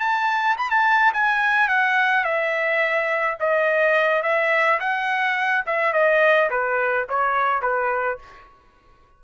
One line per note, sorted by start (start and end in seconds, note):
0.00 0.57 A5
0.58 0.70 B5
0.70 1.13 A5
1.13 1.69 G#5
1.69 2.24 F#5
2.24 3.38 E5
3.40 4.23 D#5
4.23 4.80 E5
4.80 5.65 F#5
5.67 5.93 E5
5.93 6.50 D#5
6.50 7.07 B4
7.09 7.62 C#5
7.62 8.19 B4